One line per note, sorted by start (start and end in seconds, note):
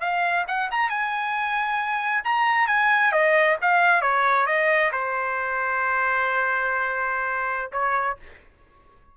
0.00 0.45 F5
0.47 0.70 F#5
0.71 0.89 A#5
0.89 2.24 G#5
2.24 2.67 A#5
2.67 3.12 G#5
3.12 3.56 D#5
3.61 4.02 F5
4.02 4.46 C#5
4.46 4.91 D#5
4.92 7.71 C5
7.72 8.17 C#5